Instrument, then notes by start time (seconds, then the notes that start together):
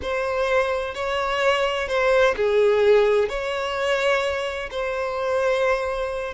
violin
0.02 C5
0.94 C#5
1.88 C5
2.36 G#4
3.29 C#5
4.70 C5